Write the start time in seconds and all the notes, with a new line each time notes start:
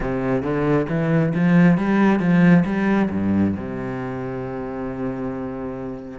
0.00 C3
0.42 D3
0.89 E3
1.34 F3
1.77 G3
2.19 F3
2.65 G3
3.10 G2
3.56 C3